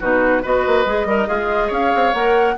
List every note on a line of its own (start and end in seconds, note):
0.00 0.45 B2
0.00 0.43 D#4
0.00 0.43 F#4
0.00 0.45 B4
0.43 0.67 B3
0.43 0.86 F#4
0.43 1.07 B4
0.43 1.73 D#5
0.67 0.86 A#3
0.86 1.06 G#3
0.86 1.07 G#4
1.06 1.27 G3
1.06 1.28 D#4
1.06 1.28 A#4
1.28 1.71 G#3
1.28 1.68 F4
1.28 2.14 G#4
1.68 1.93 C#4
1.68 2.53 C#5
1.68 2.14 F5
1.96 2.14 C4
2.14 2.57 A#3
2.14 2.57 A#4
2.14 2.57 F#5